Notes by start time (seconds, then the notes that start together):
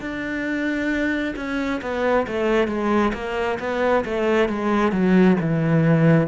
0.00 D4
1.36 C#4
1.82 B3
2.27 A3
2.68 G#3
3.13 A#3
3.59 B3
4.05 A3
4.49 G#3
4.92 F#3
5.40 E3